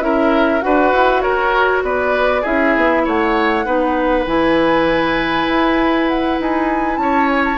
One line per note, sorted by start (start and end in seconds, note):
0.00 0.61 C#4
0.00 0.61 E4
0.00 0.65 A#4
0.00 0.61 E5
0.61 0.93 D4
0.61 2.43 F#4
0.61 1.22 B4
0.61 1.21 F#5
0.93 1.23 E4
1.21 1.83 F#4
1.21 1.83 A#4
1.21 1.82 C#5
1.83 2.43 B3
1.83 2.42 B4
1.83 2.45 D5
2.42 2.76 C#4
2.42 3.65 E4
2.42 3.02 G#4
2.42 3.06 E5
2.77 3.07 B3
3.05 3.66 A3
3.05 3.65 C#5
3.05 4.27 F#5
3.65 4.26 B3
3.65 4.26 D#4
3.65 6.99 B4
4.26 5.47 E3
4.26 7.58 E4
4.26 6.08 G#5
5.48 6.39 E4
6.08 6.39 F#5
6.40 6.98 D#4
6.40 6.97 G#5
6.97 7.58 C#4
6.97 7.58 C#5
6.97 7.28 A5
7.28 7.43 G#5
7.45 7.58 A5